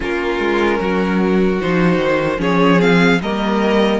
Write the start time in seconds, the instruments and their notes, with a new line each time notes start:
0.00 cello A#3, viola C#4, violin F4 A#4
0.39 cello G#3
0.79 cello F#3, violin F#4
1.61 cello F3, viola D#4, violin C5
1.97 cello D#3
2.38 cello F3, viola C#4, violin G#4 C#5
2.79 viola C4, violin F5
3.21 cello G3, viola A#3, violin A#4 D#5